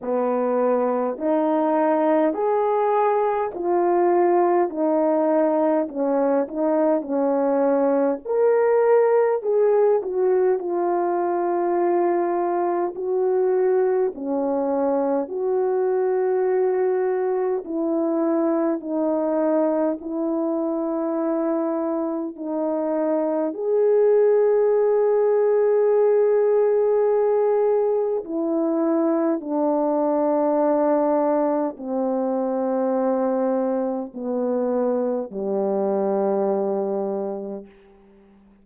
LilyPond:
\new Staff \with { instrumentName = "horn" } { \time 4/4 \tempo 4 = 51 b4 dis'4 gis'4 f'4 | dis'4 cis'8 dis'8 cis'4 ais'4 | gis'8 fis'8 f'2 fis'4 | cis'4 fis'2 e'4 |
dis'4 e'2 dis'4 | gis'1 | e'4 d'2 c'4~ | c'4 b4 g2 | }